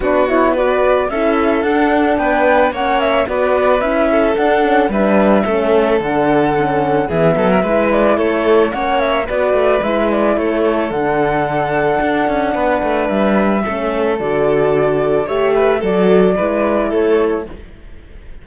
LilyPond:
<<
  \new Staff \with { instrumentName = "flute" } { \time 4/4 \tempo 4 = 110 b'8 cis''8 d''4 e''4 fis''4 | g''4 fis''8 e''8 d''4 e''4 | fis''4 e''2 fis''4~ | fis''4 e''4. d''8 cis''4 |
fis''8 e''8 d''4 e''8 d''8 cis''4 | fis''1 | e''2 d''2 | e''4 d''2 cis''4 | }
  \new Staff \with { instrumentName = "violin" } { \time 4/4 fis'4 b'4 a'2 | b'4 cis''4 b'4. a'8~ | a'4 b'4 a'2~ | a'4 gis'8 a'16 ais'16 b'4 a'4 |
cis''4 b'2 a'4~ | a'2. b'4~ | b'4 a'2. | cis''8 b'8 a'4 b'4 a'4 | }
  \new Staff \with { instrumentName = "horn" } { \time 4/4 d'8 e'8 fis'4 e'4 d'4~ | d'4 cis'4 fis'4 e'4 | d'8 cis'8 d'4 cis'4 d'4 | cis'4 b4 e'2 |
cis'4 fis'4 e'2 | d'1~ | d'4 cis'4 fis'2 | g'4 fis'4 e'2 | }
  \new Staff \with { instrumentName = "cello" } { \time 4/4 b2 cis'4 d'4 | b4 ais4 b4 cis'4 | d'4 g4 a4 d4~ | d4 e8 fis8 gis4 a4 |
ais4 b8 a8 gis4 a4 | d2 d'8 cis'8 b8 a8 | g4 a4 d2 | a4 fis4 gis4 a4 | }
>>